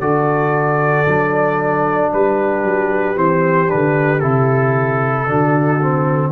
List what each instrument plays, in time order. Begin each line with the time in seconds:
0.00 tuba D3, trombone F#4, horn A4, trumpet D5
1.05 tuba F#3, trombone D4
2.13 tuba G3, horn G4, trumpet B4
2.63 tuba F#3
3.15 tuba E3, trombone C4, trumpet C5
3.67 trombone D4, trumpet B4
3.73 tuba D3
4.20 tuba C3, trombone E4, trumpet A4
5.27 tuba D3, trombone D4, horn F#4
5.80 trombone C4